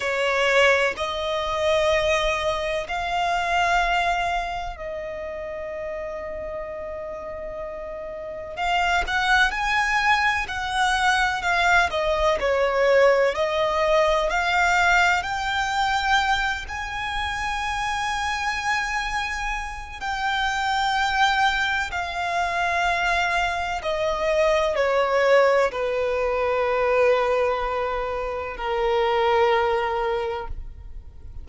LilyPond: \new Staff \with { instrumentName = "violin" } { \time 4/4 \tempo 4 = 63 cis''4 dis''2 f''4~ | f''4 dis''2.~ | dis''4 f''8 fis''8 gis''4 fis''4 | f''8 dis''8 cis''4 dis''4 f''4 |
g''4. gis''2~ gis''8~ | gis''4 g''2 f''4~ | f''4 dis''4 cis''4 b'4~ | b'2 ais'2 | }